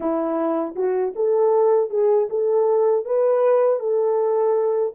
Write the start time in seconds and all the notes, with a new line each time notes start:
0.00 E4
0.75 F#4
1.15 A4
1.90 G#4
2.29 A4
3.05 B4
3.79 A4